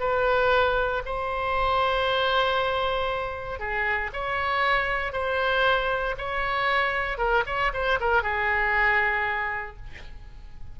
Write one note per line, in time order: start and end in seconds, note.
0.00 1.03 B4
1.06 3.59 C5
3.59 4.11 G#4
4.13 5.13 C#5
5.13 6.15 C5
6.18 7.18 C#5
7.18 7.44 A#4
7.46 7.72 C#5
7.73 7.99 C5
8.00 8.23 A#4
8.23 9.77 G#4